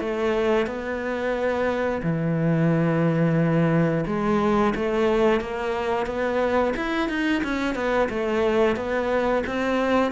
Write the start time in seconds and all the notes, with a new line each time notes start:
0.00 A3
0.67 B3
2.03 E3
4.07 G#3
4.76 A3
5.41 A#3
6.07 B3
6.76 E4
7.09 D#4
7.44 C#4
7.75 B3
8.10 A3
8.76 B3
9.47 C4